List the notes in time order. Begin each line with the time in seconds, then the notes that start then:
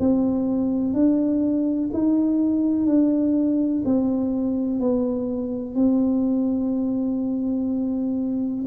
0.00 C4
0.94 D4
1.93 D#4
2.87 D4
3.85 C4
4.80 B3
5.75 C4